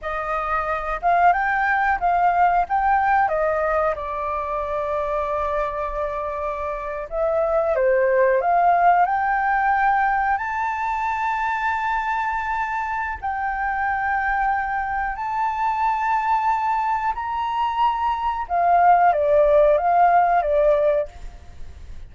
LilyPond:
\new Staff \with { instrumentName = "flute" } { \time 4/4 \tempo 4 = 91 dis''4. f''8 g''4 f''4 | g''4 dis''4 d''2~ | d''2~ d''8. e''4 c''16~ | c''8. f''4 g''2 a''16~ |
a''1 | g''2. a''4~ | a''2 ais''2 | f''4 d''4 f''4 d''4 | }